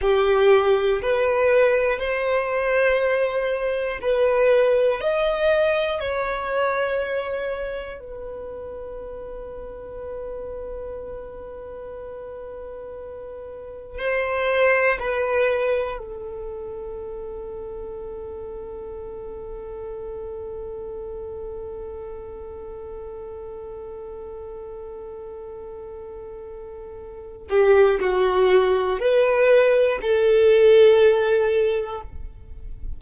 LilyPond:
\new Staff \with { instrumentName = "violin" } { \time 4/4 \tempo 4 = 60 g'4 b'4 c''2 | b'4 dis''4 cis''2 | b'1~ | b'2 c''4 b'4 |
a'1~ | a'1~ | a'2.~ a'8 g'8 | fis'4 b'4 a'2 | }